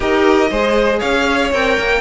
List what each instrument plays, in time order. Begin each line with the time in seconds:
0.00 cello D#4, viola G4, violin A#4 D#5
0.50 cello G#3, viola G#4, violin C5
0.99 cello C#4, violin C#5 F5
1.52 cello C4, viola A#4, violin G5
1.78 cello A#3